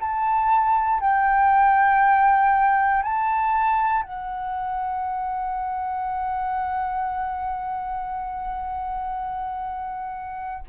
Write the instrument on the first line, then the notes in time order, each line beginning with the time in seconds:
flute
0.00 A5
1.00 G5
3.03 A5
4.03 F#5